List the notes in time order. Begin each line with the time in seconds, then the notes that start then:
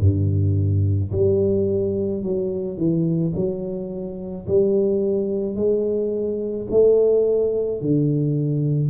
0.00 G2
1.12 G3
2.23 F#3
2.77 E3
3.35 F#3
4.47 G3
5.56 G#3
6.70 A3
7.81 D3